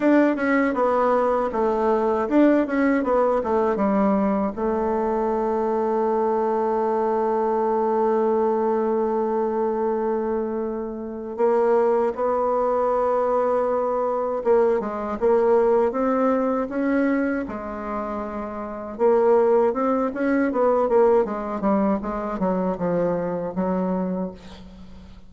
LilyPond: \new Staff \with { instrumentName = "bassoon" } { \time 4/4 \tempo 4 = 79 d'8 cis'8 b4 a4 d'8 cis'8 | b8 a8 g4 a2~ | a1~ | a2. ais4 |
b2. ais8 gis8 | ais4 c'4 cis'4 gis4~ | gis4 ais4 c'8 cis'8 b8 ais8 | gis8 g8 gis8 fis8 f4 fis4 | }